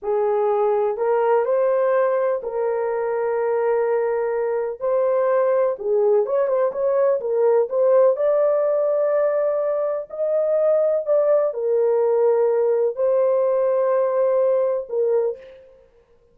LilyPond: \new Staff \with { instrumentName = "horn" } { \time 4/4 \tempo 4 = 125 gis'2 ais'4 c''4~ | c''4 ais'2.~ | ais'2 c''2 | gis'4 cis''8 c''8 cis''4 ais'4 |
c''4 d''2.~ | d''4 dis''2 d''4 | ais'2. c''4~ | c''2. ais'4 | }